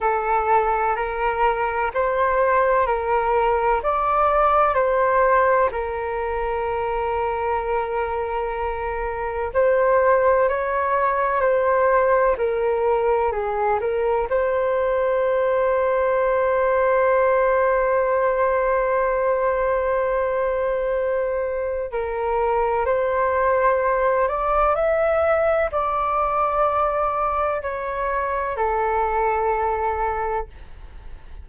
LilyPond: \new Staff \with { instrumentName = "flute" } { \time 4/4 \tempo 4 = 63 a'4 ais'4 c''4 ais'4 | d''4 c''4 ais'2~ | ais'2 c''4 cis''4 | c''4 ais'4 gis'8 ais'8 c''4~ |
c''1~ | c''2. ais'4 | c''4. d''8 e''4 d''4~ | d''4 cis''4 a'2 | }